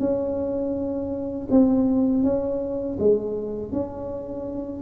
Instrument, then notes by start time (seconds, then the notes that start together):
tuba
0.00 C#4
1.51 C4
2.24 C#4
3.00 G#3
3.72 C#4